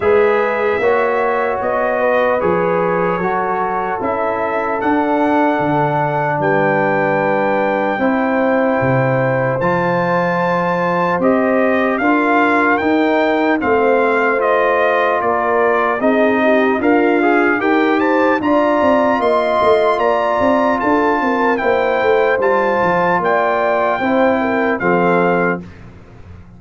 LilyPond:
<<
  \new Staff \with { instrumentName = "trumpet" } { \time 4/4 \tempo 4 = 75 e''2 dis''4 cis''4~ | cis''4 e''4 fis''2 | g''1 | a''2 dis''4 f''4 |
g''4 f''4 dis''4 d''4 | dis''4 f''4 g''8 a''8 ais''4 | c'''4 ais''4 a''4 g''4 | a''4 g''2 f''4 | }
  \new Staff \with { instrumentName = "horn" } { \time 4/4 b'4 cis''4. b'4. | a'1 | b'2 c''2~ | c''2. ais'4~ |
ais'4 c''2 ais'4 | gis'8 g'8 f'4 ais'8 c''8 d''4 | dis''4 d''4 a'8 ais'8 c''4~ | c''4 d''4 c''8 ais'8 a'4 | }
  \new Staff \with { instrumentName = "trombone" } { \time 4/4 gis'4 fis'2 gis'4 | fis'4 e'4 d'2~ | d'2 e'2 | f'2 g'4 f'4 |
dis'4 c'4 f'2 | dis'4 ais'8 gis'8 g'4 f'4~ | f'2. e'4 | f'2 e'4 c'4 | }
  \new Staff \with { instrumentName = "tuba" } { \time 4/4 gis4 ais4 b4 f4 | fis4 cis'4 d'4 d4 | g2 c'4 c4 | f2 c'4 d'4 |
dis'4 a2 ais4 | c'4 d'4 dis'4 d'8 c'8 | ais8 a8 ais8 c'8 d'8 c'8 ais8 a8 | g8 f8 ais4 c'4 f4 | }
>>